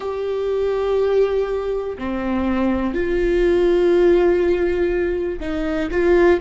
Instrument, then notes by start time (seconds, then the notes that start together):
viola
0.00 G4
1.98 C4
2.93 F4
5.40 D#4
5.91 F4